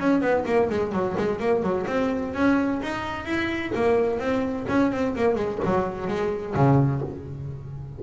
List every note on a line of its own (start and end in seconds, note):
0.00 0.22 C#4
0.22 0.45 B3
0.46 0.70 A#3
0.70 0.93 G#3
0.93 1.16 F#3
1.18 1.40 G#3
1.40 1.63 A#3
1.63 1.86 F#3
1.87 2.34 C4
2.35 2.81 C#4
2.83 3.26 D#4
3.26 3.73 E4
3.75 4.20 A#3
4.20 4.67 C4
4.69 4.92 C#4
4.92 5.16 C4
5.16 5.36 A#3
5.36 5.59 G#3
5.65 6.08 F#3
6.08 6.55 G#3
6.55 7.02 C#3